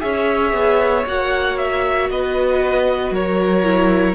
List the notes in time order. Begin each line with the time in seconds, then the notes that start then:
0.00 C#4 G#4 C#5 E5
0.53 B3
1.06 A#3 F#4 F#5
1.58 E5
2.10 B3 B4 D#5
3.11 F#3 A#4 C#5
3.64 E4